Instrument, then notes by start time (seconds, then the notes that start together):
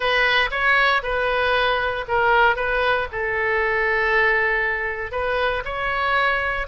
oboe
0.00 B4
0.50 C#5
1.02 B4
2.07 A#4
2.56 B4
3.12 A4
5.11 B4
5.64 C#5